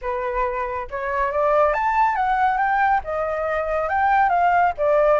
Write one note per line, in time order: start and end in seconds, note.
0.01 0.88 B4
0.90 1.31 C#5
1.31 1.73 D5
1.73 2.15 A5
2.15 2.57 F#5
2.57 3.00 G5
3.04 3.88 D#5
3.88 4.29 G5
4.29 4.72 F5
4.77 5.20 D5